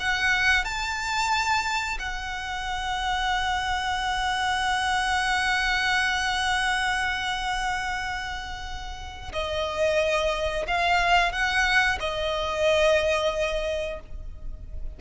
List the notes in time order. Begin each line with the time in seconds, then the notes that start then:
0.00 F#5
0.65 A5
1.99 F#5
9.33 D#5
10.67 F5
11.32 F#5
12.00 D#5